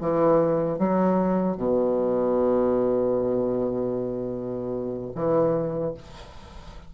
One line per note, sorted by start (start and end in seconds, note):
0.00 0.79 E3
0.79 1.57 F#3
1.57 5.12 B2
5.15 5.94 E3